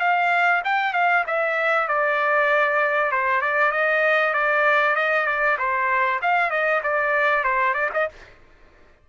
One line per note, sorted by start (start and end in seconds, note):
0.00 0.62 F5
0.64 0.93 G5
0.93 1.24 F5
1.27 1.88 E5
1.88 3.12 D5
3.12 3.41 C5
3.41 3.71 D5
3.71 4.33 D#5
4.33 4.95 D5
4.95 5.26 D#5
5.26 5.57 D5
5.58 6.20 C5
6.22 6.50 F5
6.50 6.81 D#5
6.83 7.44 D5
7.44 7.74 C5
7.74 7.89 D5
7.93 8.09 D#5